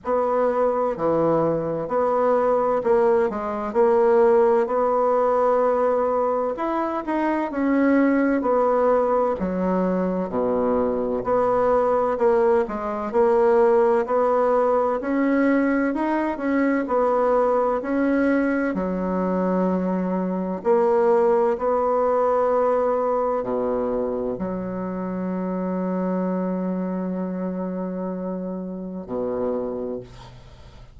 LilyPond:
\new Staff \with { instrumentName = "bassoon" } { \time 4/4 \tempo 4 = 64 b4 e4 b4 ais8 gis8 | ais4 b2 e'8 dis'8 | cis'4 b4 fis4 b,4 | b4 ais8 gis8 ais4 b4 |
cis'4 dis'8 cis'8 b4 cis'4 | fis2 ais4 b4~ | b4 b,4 fis2~ | fis2. b,4 | }